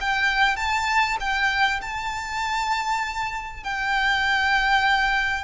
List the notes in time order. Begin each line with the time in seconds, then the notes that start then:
0.00 G5
0.56 A5
1.20 G5
1.81 A5
3.63 G5